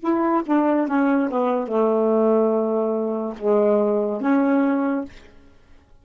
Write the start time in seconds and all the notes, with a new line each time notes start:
0.00 E4
0.46 D4
0.87 C#4
1.30 B3
1.67 A3
3.38 G#3
4.21 C#4